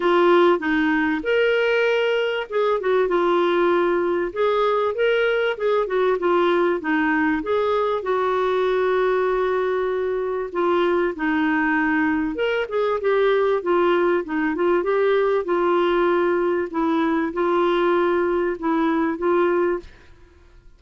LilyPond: \new Staff \with { instrumentName = "clarinet" } { \time 4/4 \tempo 4 = 97 f'4 dis'4 ais'2 | gis'8 fis'8 f'2 gis'4 | ais'4 gis'8 fis'8 f'4 dis'4 | gis'4 fis'2.~ |
fis'4 f'4 dis'2 | ais'8 gis'8 g'4 f'4 dis'8 f'8 | g'4 f'2 e'4 | f'2 e'4 f'4 | }